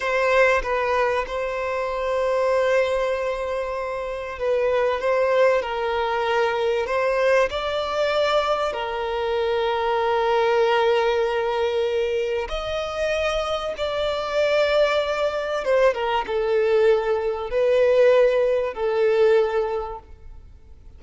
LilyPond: \new Staff \with { instrumentName = "violin" } { \time 4/4 \tempo 4 = 96 c''4 b'4 c''2~ | c''2. b'4 | c''4 ais'2 c''4 | d''2 ais'2~ |
ais'1 | dis''2 d''2~ | d''4 c''8 ais'8 a'2 | b'2 a'2 | }